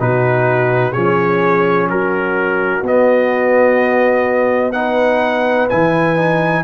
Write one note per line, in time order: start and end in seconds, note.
0.00 0.96 B2
0.00 0.93 D#4
0.00 0.92 F#4
0.00 0.93 B4
0.92 1.91 F3
0.92 2.84 C#4
0.92 1.87 G#4
0.92 1.88 C#5
1.89 2.82 F#3
1.89 4.76 F#4
1.89 2.85 A#4
2.82 5.68 B3
2.82 4.74 B3
2.82 4.73 D#5
4.73 5.69 D#4
4.73 6.64 B4
4.73 5.68 F#5
5.70 6.64 E3
5.70 6.17 E4
5.70 6.64 G#5
6.17 6.64 D#4